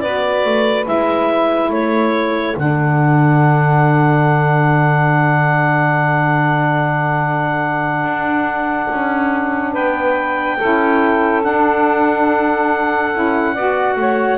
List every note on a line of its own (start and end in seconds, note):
0.00 0.45 B3
0.00 0.84 F#4
0.00 1.70 B4
0.00 0.85 D5
0.45 0.87 A3
0.84 1.70 G#3
0.84 2.53 E4
0.84 1.72 E5
1.70 2.54 A3
1.70 9.73 A4
1.70 2.57 C#5
2.56 8.04 D3
2.56 10.59 D4
2.56 9.74 F#5
8.04 8.88 D4
8.90 9.75 C#4
9.73 10.59 B3
9.73 10.57 B4
9.73 11.43 G5
10.58 11.46 C#4
10.58 11.42 E4
10.58 13.53 A4
11.42 13.11 D4
11.42 13.14 D4
11.42 14.38 F#5
13.13 13.56 C#4
13.13 13.55 E4
13.53 13.95 B3
13.53 14.38 F#4
13.53 13.96 D5
13.95 14.38 A3
13.95 14.38 C#5